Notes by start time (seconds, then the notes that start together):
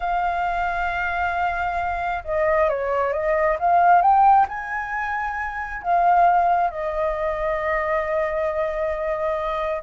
0.00 F5
2.24 D#5
2.69 C#5
3.12 D#5
3.59 F5
4.01 G5
4.48 G#5
5.82 F5
6.70 D#5